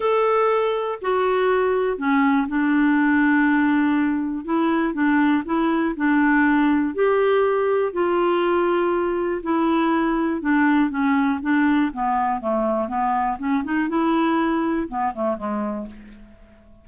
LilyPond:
\new Staff \with { instrumentName = "clarinet" } { \time 4/4 \tempo 4 = 121 a'2 fis'2 | cis'4 d'2.~ | d'4 e'4 d'4 e'4 | d'2 g'2 |
f'2. e'4~ | e'4 d'4 cis'4 d'4 | b4 a4 b4 cis'8 dis'8 | e'2 b8 a8 gis4 | }